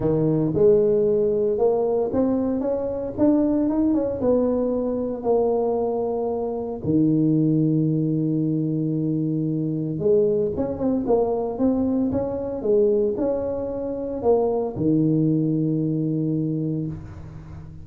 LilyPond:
\new Staff \with { instrumentName = "tuba" } { \time 4/4 \tempo 4 = 114 dis4 gis2 ais4 | c'4 cis'4 d'4 dis'8 cis'8 | b2 ais2~ | ais4 dis2.~ |
dis2. gis4 | cis'8 c'8 ais4 c'4 cis'4 | gis4 cis'2 ais4 | dis1 | }